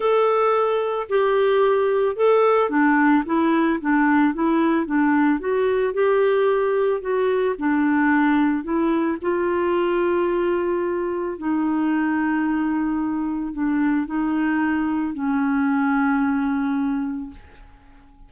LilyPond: \new Staff \with { instrumentName = "clarinet" } { \time 4/4 \tempo 4 = 111 a'2 g'2 | a'4 d'4 e'4 d'4 | e'4 d'4 fis'4 g'4~ | g'4 fis'4 d'2 |
e'4 f'2.~ | f'4 dis'2.~ | dis'4 d'4 dis'2 | cis'1 | }